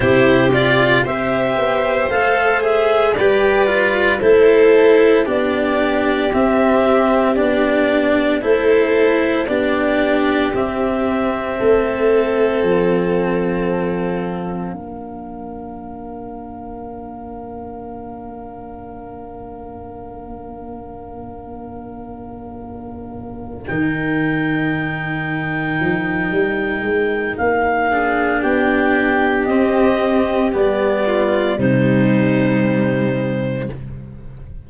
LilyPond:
<<
  \new Staff \with { instrumentName = "clarinet" } { \time 4/4 \tempo 4 = 57 c''8 d''8 e''4 f''8 e''8 d''4 | c''4 d''4 e''4 d''4 | c''4 d''4 e''2 | f''1~ |
f''1~ | f''2~ f''8 g''4.~ | g''2 f''4 g''4 | dis''4 d''4 c''2 | }
  \new Staff \with { instrumentName = "violin" } { \time 4/4 g'4 c''2 b'4 | a'4 g'2. | a'4 g'2 a'4~ | a'2 ais'2~ |
ais'1~ | ais'1~ | ais'2~ ais'8 gis'8 g'4~ | g'4. f'8 dis'2 | }
  \new Staff \with { instrumentName = "cello" } { \time 4/4 e'8 f'8 g'4 a'8 gis'8 g'8 f'8 | e'4 d'4 c'4 d'4 | e'4 d'4 c'2~ | c'2 d'2~ |
d'1~ | d'2~ d'8 dis'4.~ | dis'2~ dis'8 d'4. | c'4 b4 g2 | }
  \new Staff \with { instrumentName = "tuba" } { \time 4/4 c4 c'8 b8 a4 g4 | a4 b4 c'4 b4 | a4 b4 c'4 a4 | f2 ais2~ |
ais1~ | ais2~ ais8 dis4.~ | dis8 f8 g8 gis8 ais4 b4 | c'4 g4 c2 | }
>>